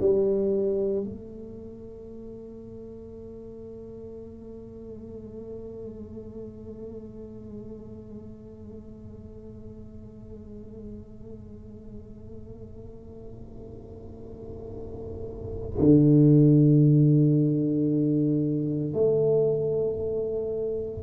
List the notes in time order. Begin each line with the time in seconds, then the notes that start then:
0.00 G3
1.03 A3
15.78 D3
18.93 A3